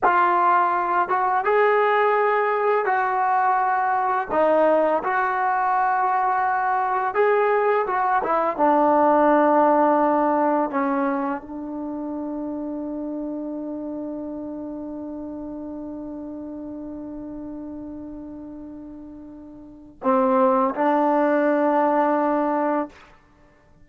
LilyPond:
\new Staff \with { instrumentName = "trombone" } { \time 4/4 \tempo 4 = 84 f'4. fis'8 gis'2 | fis'2 dis'4 fis'4~ | fis'2 gis'4 fis'8 e'8 | d'2. cis'4 |
d'1~ | d'1~ | d'1 | c'4 d'2. | }